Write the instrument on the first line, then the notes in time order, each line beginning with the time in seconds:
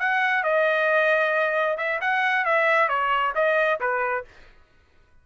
trumpet
0.00 F#5
0.44 D#5
1.78 E5
2.01 F#5
2.46 E5
2.89 C#5
3.35 D#5
3.81 B4